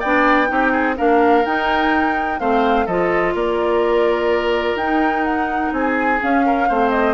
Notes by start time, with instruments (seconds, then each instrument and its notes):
0.00 bassoon B3, clarinet D4, oboe D5, flute G5
0.47 bassoon C4, clarinet D#4, oboe G4
0.72 oboe G#4
0.97 bassoon A#3, clarinet D4, oboe A#4, flute F5
1.45 bassoon D#4, clarinet D#4, flute G5
2.39 bassoon A3, clarinet C4, oboe C5, flute F5
2.86 bassoon F3, clarinet F4, oboe A4, flute D#5
3.34 bassoon A#3, oboe A#4, flute D5
4.75 bassoon D#4, clarinet D#4, flute G5
5.25 flute F#5
5.72 bassoon C4, oboe G#4, flute G#5
6.20 clarinet C#4, bassoon C#4, flute F5
6.46 oboe A#4
6.68 bassoon A3, clarinet C4, oboe C5
6.90 flute D#5